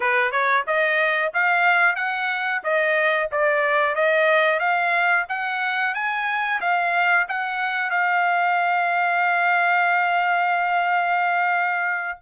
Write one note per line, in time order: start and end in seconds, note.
0.00 0.31 B4
0.31 0.64 C#5
0.66 1.32 D#5
1.33 1.95 F5
1.95 2.61 F#5
2.63 3.29 D#5
3.31 3.95 D5
3.95 4.59 D#5
4.59 5.25 F5
5.28 5.94 F#5
5.94 6.60 G#5
6.61 7.26 F5
7.28 7.90 F#5
7.90 12.19 F5